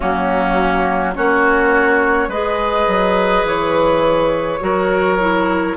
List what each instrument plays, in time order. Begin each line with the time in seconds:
0.00 bassoon F#3, clarinet A#3, oboe C#4, flute F#4
1.14 bassoon A#3, clarinet C#4, oboe F#4, flute C#5
2.28 bassoon G#3, clarinet G#4, oboe B4, flute D#5
2.87 bassoon F#3
3.44 bassoon E3, flute C#5
4.60 bassoon F#3, clarinet F#4, oboe A#4
5.19 clarinet E4